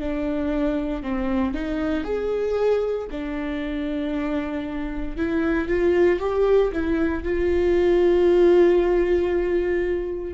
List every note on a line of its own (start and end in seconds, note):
0.00 1.03 D4
1.03 1.54 C4
1.54 2.04 D#4
2.04 3.08 G#4
3.11 5.17 D4
5.17 5.68 E4
5.68 6.20 F4
6.20 6.71 G4
6.72 7.24 E4
7.24 10.34 F4